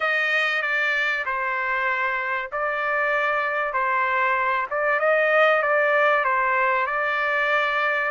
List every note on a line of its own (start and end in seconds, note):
0.00 0.62 D#5
0.62 1.24 D5
1.25 2.50 C5
2.51 3.73 D5
3.73 4.66 C5
4.70 4.99 D5
4.99 5.62 D#5
5.62 6.24 D5
6.24 6.86 C5
6.86 8.11 D5